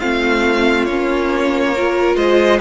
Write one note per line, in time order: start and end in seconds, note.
0.00 0.88 A3
0.00 0.88 C4
0.00 1.74 F4
0.00 0.85 F5
0.85 2.16 A#3
0.85 1.76 C#4
0.85 2.15 C#5
1.75 2.61 F4
1.75 2.17 A#4
2.16 2.59 G#3
2.16 2.60 C5
2.16 2.59 D#5